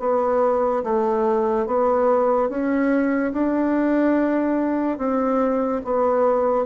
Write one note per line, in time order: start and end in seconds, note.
0.00 0.83 B3
0.84 1.67 A3
1.67 2.49 B3
2.49 3.33 C#4
3.33 4.98 D4
4.98 5.81 C4
5.84 6.66 B3